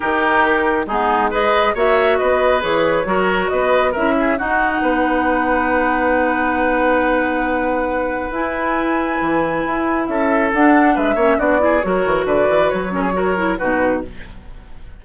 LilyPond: <<
  \new Staff \with { instrumentName = "flute" } { \time 4/4 \tempo 4 = 137 ais'2 gis'4 dis''4 | e''4 dis''4 cis''2 | dis''4 e''4 fis''2~ | fis''1~ |
fis''2. gis''4~ | gis''2. e''4 | fis''4 e''4 d''4 cis''4 | d''4 cis''2 b'4 | }
  \new Staff \with { instrumentName = "oboe" } { \time 4/4 g'2 dis'4 b'4 | cis''4 b'2 ais'4 | b'4 ais'8 gis'8 fis'4 b'4~ | b'1~ |
b'1~ | b'2. a'4~ | a'4 b'8 cis''8 fis'8 gis'8 ais'4 | b'4. ais'16 gis'16 ais'4 fis'4 | }
  \new Staff \with { instrumentName = "clarinet" } { \time 4/4 dis'2 b4 gis'4 | fis'2 gis'4 fis'4~ | fis'4 e'4 dis'2~ | dis'1~ |
dis'2. e'4~ | e'1 | d'4. cis'8 d'8 e'8 fis'4~ | fis'4. cis'8 fis'8 e'8 dis'4 | }
  \new Staff \with { instrumentName = "bassoon" } { \time 4/4 dis2 gis2 | ais4 b4 e4 fis4 | b4 cis'4 dis'4 b4~ | b1~ |
b2. e'4~ | e'4 e4 e'4 cis'4 | d'4 gis8 ais8 b4 fis8 e8 | d8 e8 fis2 b,4 | }
>>